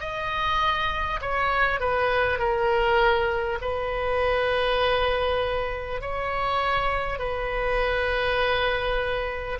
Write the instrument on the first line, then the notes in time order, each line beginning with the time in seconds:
oboe
0.00 D#5
1.22 C#5
1.80 B4
2.39 A#4
3.61 B4
6.01 C#5
7.19 B4